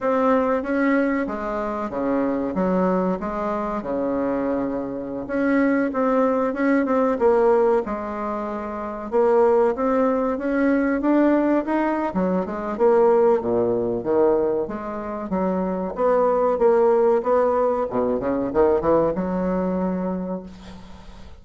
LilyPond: \new Staff \with { instrumentName = "bassoon" } { \time 4/4 \tempo 4 = 94 c'4 cis'4 gis4 cis4 | fis4 gis4 cis2~ | cis16 cis'4 c'4 cis'8 c'8 ais8.~ | ais16 gis2 ais4 c'8.~ |
c'16 cis'4 d'4 dis'8. fis8 gis8 | ais4 ais,4 dis4 gis4 | fis4 b4 ais4 b4 | b,8 cis8 dis8 e8 fis2 | }